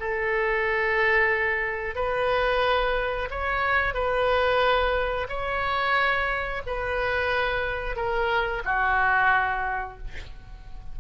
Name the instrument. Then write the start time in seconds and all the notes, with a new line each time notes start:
oboe
0.00 A4
1.95 B4
3.31 C#5
3.94 B4
5.29 C#5
6.66 B4
7.96 A#4
8.65 F#4